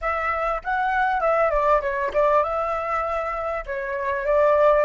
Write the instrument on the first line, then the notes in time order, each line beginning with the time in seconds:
flute
0.01 E5
0.64 F#5
1.20 E5
1.50 D5
1.81 C#5
2.13 D5
2.43 E5
3.66 C#5
4.25 D5